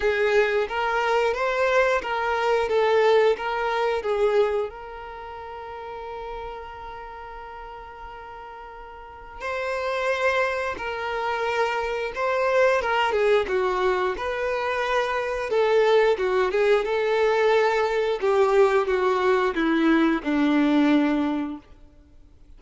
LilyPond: \new Staff \with { instrumentName = "violin" } { \time 4/4 \tempo 4 = 89 gis'4 ais'4 c''4 ais'4 | a'4 ais'4 gis'4 ais'4~ | ais'1~ | ais'2 c''2 |
ais'2 c''4 ais'8 gis'8 | fis'4 b'2 a'4 | fis'8 gis'8 a'2 g'4 | fis'4 e'4 d'2 | }